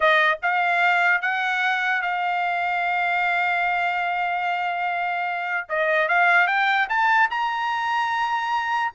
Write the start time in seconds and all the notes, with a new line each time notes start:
0.00 D#5
0.42 F5
1.21 F#5
2.02 F5
5.68 D#5
6.08 F5
6.47 G5
6.89 A5
7.30 A#5